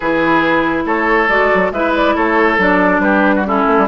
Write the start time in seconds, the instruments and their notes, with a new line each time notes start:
0.00 bassoon E3, clarinet E4, oboe G#4, flute B4
0.85 bassoon A3, oboe A4, flute C#5
1.28 bassoon G#3, clarinet F#4, flute D5
1.54 bassoon F#3
1.71 bassoon G#3, clarinet E4, oboe B4, flute E5
1.95 flute D5
2.15 bassoon A3, oboe A4, flute C#5
2.58 bassoon F#3, clarinet D4, flute D5
2.99 bassoon G3, oboe G4, flute B4
3.35 oboe F#4
3.45 clarinet C#4, oboe E4, flute A4
3.67 bassoon A3
3.78 bassoon G3